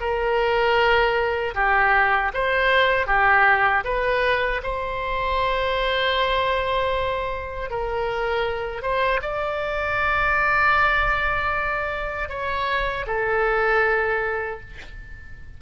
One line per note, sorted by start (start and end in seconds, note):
0.00 1.54 A#4
1.55 2.31 G4
2.34 3.07 C5
3.07 3.84 G4
3.84 4.61 B4
4.63 7.70 C5
7.70 8.82 A#4
8.82 9.21 C5
9.22 12.29 D5
12.29 13.06 C#5
13.06 14.60 A4